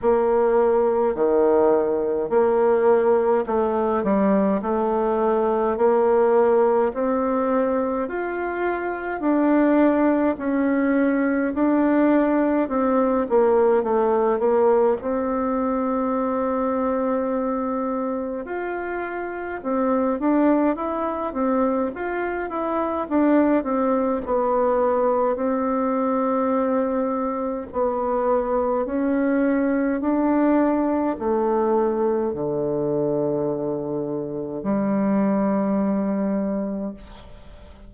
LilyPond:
\new Staff \with { instrumentName = "bassoon" } { \time 4/4 \tempo 4 = 52 ais4 dis4 ais4 a8 g8 | a4 ais4 c'4 f'4 | d'4 cis'4 d'4 c'8 ais8 | a8 ais8 c'2. |
f'4 c'8 d'8 e'8 c'8 f'8 e'8 | d'8 c'8 b4 c'2 | b4 cis'4 d'4 a4 | d2 g2 | }